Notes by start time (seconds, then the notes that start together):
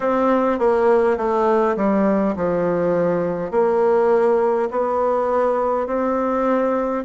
0.00 C4
0.59 A#3
1.17 A3
1.76 G3
2.35 F3
3.51 A#3
4.71 B3
5.87 C4